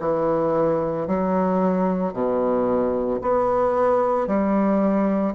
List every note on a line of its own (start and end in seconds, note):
0.00 1.07 E3
1.07 2.13 F#3
2.13 3.20 B2
3.21 4.27 B3
4.27 5.34 G3